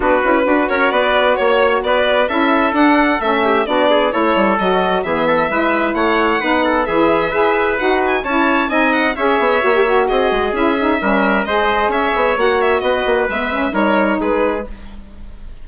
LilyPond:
<<
  \new Staff \with { instrumentName = "violin" } { \time 4/4 \tempo 4 = 131 b'4. cis''8 d''4 cis''4 | d''4 e''4 fis''4 e''4 | d''4 cis''4 dis''4 e''4~ | e''4 fis''2 e''4~ |
e''4 fis''8 gis''8 a''4 gis''8 fis''8 | e''2 dis''4 e''4~ | e''4 dis''4 e''4 fis''8 e''8 | dis''4 e''4 cis''4 b'4 | }
  \new Staff \with { instrumentName = "trumpet" } { \time 4/4 fis'4 b'8 ais'8 b'4 cis''4 | b'4 a'2~ a'8 g'8 | fis'8 gis'8 a'2 gis'8 a'8 | b'4 cis''4 b'8 a'8 gis'4 |
b'2 cis''4 dis''4 | cis''2 gis'2 | ais'4 c''4 cis''2 | b'2 ais'4 gis'4 | }
  \new Staff \with { instrumentName = "saxophone" } { \time 4/4 d'8 e'8 fis'2.~ | fis'4 e'4 d'4 cis'4 | d'4 e'4 fis'4 b4 | e'2 dis'4 e'4 |
gis'4 fis'4 e'4 dis'4 | gis'4 fis'16 g'16 fis'4. e'8 dis'8 | cis'4 gis'2 fis'4~ | fis'4 b8 cis'8 dis'2 | }
  \new Staff \with { instrumentName = "bassoon" } { \time 4/4 b8 cis'8 d'8 cis'8 b4 ais4 | b4 cis'4 d'4 a4 | b4 a8 g8 fis4 e4 | gis4 a4 b4 e4 |
e'4 dis'4 cis'4 c'4 | cis'8 b8 ais4 c'8 gis8 cis'4 | g4 gis4 cis'8 b8 ais4 | b8 ais8 gis4 g4 gis4 | }
>>